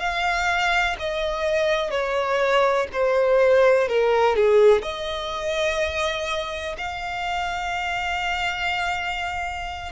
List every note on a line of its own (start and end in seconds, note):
0.00 0.97 F5
0.99 1.91 D#5
1.91 2.88 C#5
2.93 3.88 C5
3.88 4.36 A#4
4.36 4.83 G#4
4.83 6.76 D#5
6.78 9.92 F5